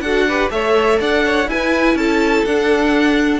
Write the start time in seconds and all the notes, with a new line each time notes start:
0.00 D4 F#4 A4 F#5
0.28 G4 B4
0.50 A3 A4 C#5 E5
0.99 D4 D5 F#5
1.25 C#5
1.47 E4 B4 G#5
1.94 C#4 A4 A5
2.45 D4 F#5